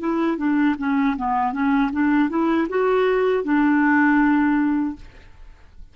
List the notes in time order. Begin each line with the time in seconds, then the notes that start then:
0.00 E4
0.38 D4
0.78 C#4
1.17 B3
1.53 C#4
1.92 D4
2.30 E4
2.69 F#4
3.44 D4